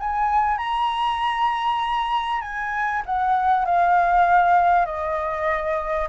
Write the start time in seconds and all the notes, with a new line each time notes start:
0.00 G#5
0.58 A#5
2.42 G#5
3.06 F#5
3.66 F5
4.86 D#5